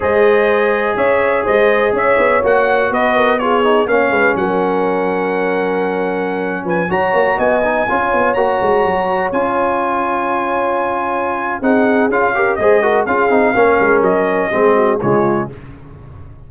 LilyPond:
<<
  \new Staff \with { instrumentName = "trumpet" } { \time 4/4 \tempo 4 = 124 dis''2 e''4 dis''4 | e''4 fis''4 dis''4 cis''4 | f''4 fis''2.~ | fis''4.~ fis''16 gis''8 ais''4 gis''8.~ |
gis''4~ gis''16 ais''2 gis''8.~ | gis''1 | fis''4 f''4 dis''4 f''4~ | f''4 dis''2 cis''4 | }
  \new Staff \with { instrumentName = "horn" } { \time 4/4 c''2 cis''4 c''4 | cis''2 b'8 ais'8 gis'4 | cis''8 b'8 ais'2.~ | ais'4.~ ais'16 b'8 cis''4 dis''8.~ |
dis''16 cis''2.~ cis''8.~ | cis''1 | gis'4. ais'8 c''8 ais'8 gis'4 | ais'2 gis'8 fis'8 f'4 | }
  \new Staff \with { instrumentName = "trombone" } { \time 4/4 gis'1~ | gis'4 fis'2 f'8 dis'8 | cis'1~ | cis'2~ cis'16 fis'4. dis'16~ |
dis'16 f'4 fis'2 f'8.~ | f'1 | dis'4 f'8 g'8 gis'8 fis'8 f'8 dis'8 | cis'2 c'4 gis4 | }
  \new Staff \with { instrumentName = "tuba" } { \time 4/4 gis2 cis'4 gis4 | cis'8 b8 ais4 b2 | ais8 gis8 fis2.~ | fis4.~ fis16 f8 fis8 ais8 b8.~ |
b16 cis'8 b8 ais8 gis8 fis4 cis'8.~ | cis'1 | c'4 cis'4 gis4 cis'8 c'8 | ais8 gis8 fis4 gis4 cis4 | }
>>